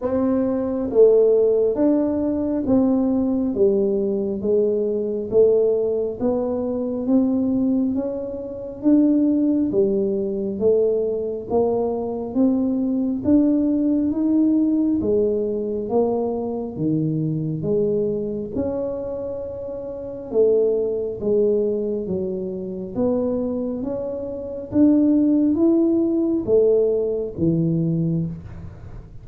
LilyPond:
\new Staff \with { instrumentName = "tuba" } { \time 4/4 \tempo 4 = 68 c'4 a4 d'4 c'4 | g4 gis4 a4 b4 | c'4 cis'4 d'4 g4 | a4 ais4 c'4 d'4 |
dis'4 gis4 ais4 dis4 | gis4 cis'2 a4 | gis4 fis4 b4 cis'4 | d'4 e'4 a4 e4 | }